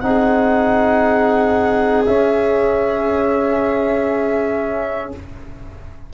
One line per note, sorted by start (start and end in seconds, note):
0.00 2.05 C4
0.00 2.06 D#4
0.00 5.14 G#4
0.00 2.03 F#5
2.06 5.12 C#4
2.06 5.13 C#4
2.06 5.11 E5